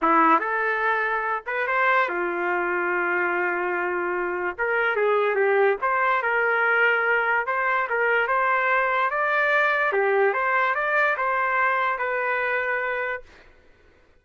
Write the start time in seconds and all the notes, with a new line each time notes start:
0.02 E4
0.39 A4
1.46 B4
1.67 C5
2.08 F4
4.57 A#4
4.96 G#4
5.35 G4
5.81 C5
6.22 A#4
7.46 C5
7.89 A#4
8.27 C5
9.10 D5
9.92 G4
10.33 C5
10.75 D5
11.17 C5
11.98 B4